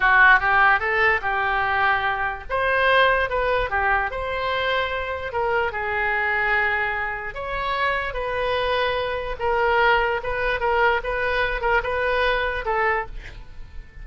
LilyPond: \new Staff \with { instrumentName = "oboe" } { \time 4/4 \tempo 4 = 147 fis'4 g'4 a'4 g'4~ | g'2 c''2 | b'4 g'4 c''2~ | c''4 ais'4 gis'2~ |
gis'2 cis''2 | b'2. ais'4~ | ais'4 b'4 ais'4 b'4~ | b'8 ais'8 b'2 a'4 | }